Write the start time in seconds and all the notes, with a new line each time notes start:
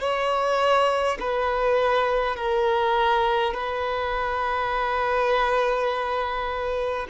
0.00 C#5
1.19 B4
2.36 A#4
3.53 B4